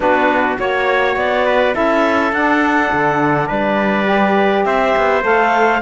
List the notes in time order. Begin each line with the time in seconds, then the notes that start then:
0.00 B3 D4 F#4 B4
0.57 A#3 F#4 C#5
1.16 B3 D5
1.45 B4
1.72 C#4 E4 A4 E5
2.32 D4 F#5
2.92 D3
3.47 G3 B4 D5
4.05 G4
4.65 C4 C5 E5
4.97 B3
5.22 A3 A4 F5